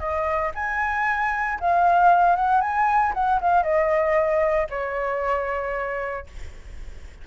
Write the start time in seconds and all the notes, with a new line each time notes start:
0.00 D#5
0.55 G#5
1.61 F5
2.36 F#5
2.61 G#5
3.14 F#5
3.42 F5
3.64 D#5
4.71 C#5